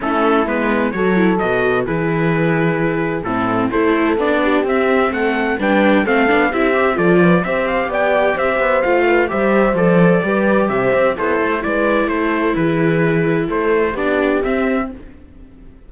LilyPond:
<<
  \new Staff \with { instrumentName = "trumpet" } { \time 4/4 \tempo 4 = 129 a'4 b'4 cis''4 dis''4 | b'2. a'4 | c''4 d''4 e''4 fis''4 | g''4 f''4 e''4 d''4 |
e''8 f''8 g''4 e''4 f''4 | e''4 d''2 e''4 | c''4 d''4 c''4 b'4~ | b'4 c''4 d''4 e''4 | }
  \new Staff \with { instrumentName = "horn" } { \time 4/4 e'2 a'2 | gis'2. e'4 | a'4. g'4. a'4 | b'4 a'4 g'4 a'8 b'8 |
c''4 d''4 c''4. b'8 | c''2 b'4 c''4 | e'4 b'4 a'4 gis'4~ | gis'4 a'4 g'2 | }
  \new Staff \with { instrumentName = "viola" } { \time 4/4 cis'4 b4 fis'8 e'8 fis'4 | e'2. c'4 | e'4 d'4 c'2 | d'4 c'8 d'8 e'8 g'8 f'4 |
g'2. f'4 | g'4 a'4 g'2 | a'4 e'2.~ | e'2 d'4 c'4 | }
  \new Staff \with { instrumentName = "cello" } { \time 4/4 a4 gis4 fis4 b,4 | e2. a,4 | a4 b4 c'4 a4 | g4 a8 b8 c'4 f4 |
c'4 b4 c'8 b8 a4 | g4 f4 g4 c8 c'8 | b8 a8 gis4 a4 e4~ | e4 a4 b4 c'4 | }
>>